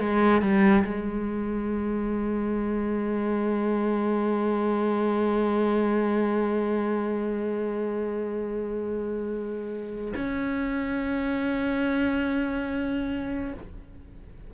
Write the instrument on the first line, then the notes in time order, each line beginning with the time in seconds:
cello
0.00 G#3
0.42 G3
0.85 G#3
10.16 C#4